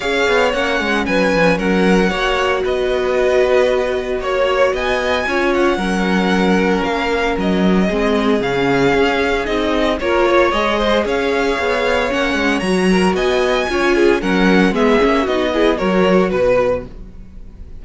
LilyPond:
<<
  \new Staff \with { instrumentName = "violin" } { \time 4/4 \tempo 4 = 114 f''4 fis''4 gis''4 fis''4~ | fis''4 dis''2. | cis''4 gis''4. fis''4.~ | fis''4 f''4 dis''2 |
f''2 dis''4 cis''4 | dis''4 f''2 fis''4 | ais''4 gis''2 fis''4 | e''4 dis''4 cis''4 b'4 | }
  \new Staff \with { instrumentName = "violin" } { \time 4/4 cis''2 b'4 ais'4 | cis''4 b'2. | cis''4 dis''4 cis''4 ais'4~ | ais'2. gis'4~ |
gis'2. ais'8 cis''8~ | cis''8 c''8 cis''2.~ | cis''8 ais'8 dis''4 cis''8 gis'8 ais'4 | gis'4 fis'8 gis'8 ais'4 b'4 | }
  \new Staff \with { instrumentName = "viola" } { \time 4/4 gis'4 cis'2. | fis'1~ | fis'2 f'4 cis'4~ | cis'2. c'4 |
cis'2 dis'4 f'4 | gis'2. cis'4 | fis'2 f'4 cis'4 | b8 cis'8 dis'8 e'8 fis'2 | }
  \new Staff \with { instrumentName = "cello" } { \time 4/4 cis'8 b8 ais8 gis8 fis8 f8 fis4 | ais4 b2. | ais4 b4 cis'4 fis4~ | fis4 ais4 fis4 gis4 |
cis4 cis'4 c'4 ais4 | gis4 cis'4 b4 ais8 gis8 | fis4 b4 cis'4 fis4 | gis8 ais8 b4 fis4 b,4 | }
>>